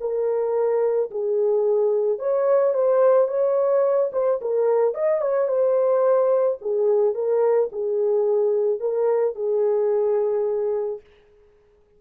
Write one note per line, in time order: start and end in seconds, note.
0.00 1.10 A#4
1.11 2.19 G#4
2.19 2.74 C#5
2.74 3.28 C5
3.28 4.11 C#5
4.12 4.40 C5
4.41 4.94 A#4
4.94 5.21 D#5
5.21 5.48 C#5
5.48 6.58 C5
6.61 7.14 G#4
7.14 7.69 A#4
7.72 8.80 G#4
8.80 9.35 A#4
9.35 11.00 G#4